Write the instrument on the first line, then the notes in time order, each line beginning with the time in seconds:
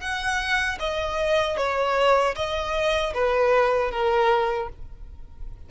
violin
0.00 F#5
0.79 D#5
1.57 C#5
2.35 D#5
3.13 B4
3.91 A#4